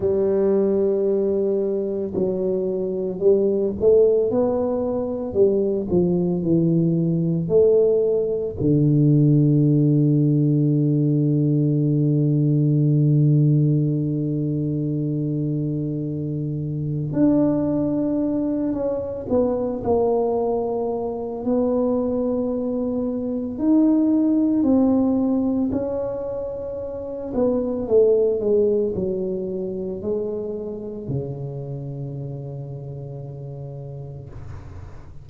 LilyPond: \new Staff \with { instrumentName = "tuba" } { \time 4/4 \tempo 4 = 56 g2 fis4 g8 a8 | b4 g8 f8 e4 a4 | d1~ | d1 |
d'4. cis'8 b8 ais4. | b2 dis'4 c'4 | cis'4. b8 a8 gis8 fis4 | gis4 cis2. | }